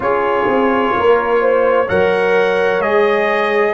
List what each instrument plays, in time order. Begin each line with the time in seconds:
0.00 tuba C#4, trombone F4, horn G#4, trumpet C#5
0.47 tuba C4
0.96 tuba A#3, horn A#4
1.40 horn C5
1.85 tuba F#3, trombone A#4, horn C#5, trumpet F#5
2.79 tuba G#3, trombone G#4, trumpet D#5